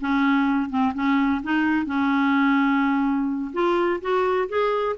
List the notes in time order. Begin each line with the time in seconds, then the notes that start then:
0.00 C#4
0.69 C4
0.94 C#4
1.43 D#4
1.86 C#4
3.53 F4
4.01 F#4
4.49 G#4